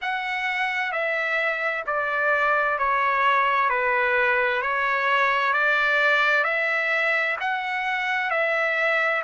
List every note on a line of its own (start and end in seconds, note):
0.01 0.91 F#5
0.91 1.84 E5
1.86 2.78 D5
2.78 3.69 C#5
3.69 4.62 B4
4.62 5.53 C#5
5.53 6.44 D5
6.44 7.36 E5
7.40 8.30 F#5
8.30 9.22 E5